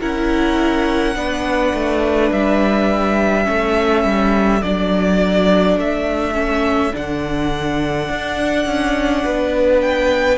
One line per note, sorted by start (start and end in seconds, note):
0.00 1.15 C#4
0.00 1.15 E4
0.00 1.15 A#4
0.00 2.31 F#5
1.15 1.73 B3
1.15 3.44 D4
1.15 3.46 B4
1.73 2.31 A3
2.31 3.47 G3
2.31 4.62 E5
3.44 4.03 A3
3.44 4.59 C#4
3.44 9.23 A4
4.03 4.61 G3
4.62 5.76 F#3
4.62 6.34 D4
4.62 5.77 D5
5.76 6.92 A3
5.76 6.95 E5
6.34 6.92 C#4
6.92 8.09 D3
6.92 10.38 D4
6.92 9.81 F#5
8.09 8.66 D4
8.66 9.23 C#4
9.24 10.38 B3
9.24 10.38 B4
9.81 10.38 G5